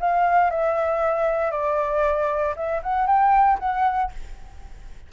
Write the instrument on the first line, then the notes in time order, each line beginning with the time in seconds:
flute
0.00 F5
0.51 E5
1.51 D5
2.56 E5
2.83 F#5
3.07 G5
3.59 F#5